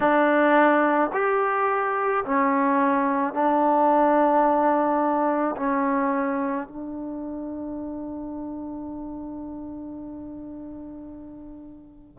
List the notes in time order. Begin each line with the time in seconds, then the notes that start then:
0.00 D4
1.13 G4
2.24 C#4
3.33 D4
5.56 C#4
6.67 D4